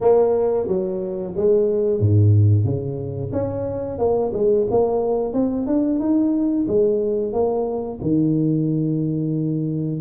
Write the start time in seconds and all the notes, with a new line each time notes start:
0.00 A#3
0.67 F#3
1.36 G#3
1.99 G#2
2.65 C#3
3.32 C#4
3.98 A#3
4.33 G#3
4.70 A#3
5.33 C4
5.66 D4
5.99 D#4
6.67 G#3
7.32 A#3
8.01 D#3